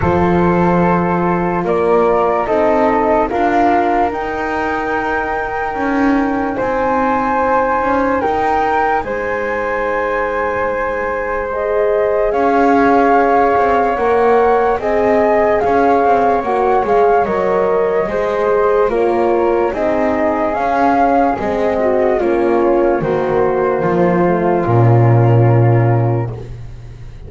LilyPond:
<<
  \new Staff \with { instrumentName = "flute" } { \time 4/4 \tempo 4 = 73 c''2 d''4 dis''4 | f''4 g''2. | gis''2 g''4 gis''4~ | gis''2 dis''4 f''4~ |
f''4 fis''4 gis''4 f''4 | fis''8 f''8 dis''2 cis''4 | dis''4 f''4 dis''4 cis''4 | c''2 ais'2 | }
  \new Staff \with { instrumentName = "flute" } { \time 4/4 a'2 ais'4 a'4 | ais'1 | c''2 ais'4 c''4~ | c''2. cis''4~ |
cis''2 dis''4 cis''4~ | cis''2 c''4 ais'4 | gis'2~ gis'8 fis'8 f'4 | fis'4 f'2. | }
  \new Staff \with { instrumentName = "horn" } { \time 4/4 f'2. dis'4 | f'4 dis'2.~ | dis'1~ | dis'2 gis'2~ |
gis'4 ais'4 gis'2 | fis'8 gis'8 ais'4 gis'4 f'4 | dis'4 cis'4 c'4 cis'4 | ais4. a8 cis'2 | }
  \new Staff \with { instrumentName = "double bass" } { \time 4/4 f2 ais4 c'4 | d'4 dis'2 cis'4 | c'4. cis'8 dis'4 gis4~ | gis2. cis'4~ |
cis'8 c'8 ais4 c'4 cis'8 c'8 | ais8 gis8 fis4 gis4 ais4 | c'4 cis'4 gis4 ais4 | dis4 f4 ais,2 | }
>>